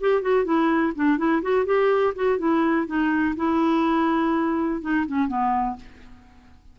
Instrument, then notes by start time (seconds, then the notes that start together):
clarinet
0.00 G4
0.22 F#4
0.45 E4
0.95 D4
1.18 E4
1.42 F#4
1.65 G4
2.15 F#4
2.38 E4
2.87 D#4
3.36 E4
4.81 D#4
5.07 C#4
5.28 B3